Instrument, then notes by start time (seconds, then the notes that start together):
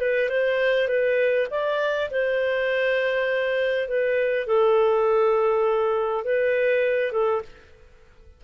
clarinet
0.00 B4
0.29 C5
0.88 B4
1.50 D5
2.10 C5
3.88 B4
4.47 A4
6.24 B4
7.12 A4